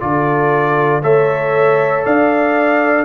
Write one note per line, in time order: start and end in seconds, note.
0.00 1.03 D3
0.00 1.02 F4
0.00 1.03 A4
0.00 1.02 D5
1.03 2.05 A3
1.03 3.06 A4
1.03 2.04 C#5
1.03 2.05 E5
2.04 3.06 D4
2.04 3.06 D5
2.04 3.06 F5